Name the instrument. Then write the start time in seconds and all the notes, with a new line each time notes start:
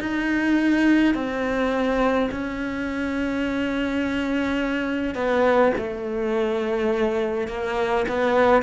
cello
0.00 D#4
1.14 C4
2.32 C#4
5.15 B3
5.78 A3
7.48 A#3
8.09 B3